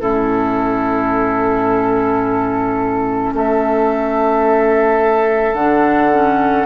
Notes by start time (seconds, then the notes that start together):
0.00 A2 C#4 E4 A4
3.34 A3 A4 E5
5.55 D3 D4 F#5
6.12 C#4